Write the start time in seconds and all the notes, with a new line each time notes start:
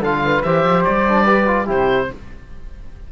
0.00 D3 F4 A4 F5
0.25 B4
0.43 E3 G4 C5 E5
0.64 F3
0.85 G3 D5
1.08 D4
1.24 G4 B4
1.47 F4
1.66 C3 E4 G4 C5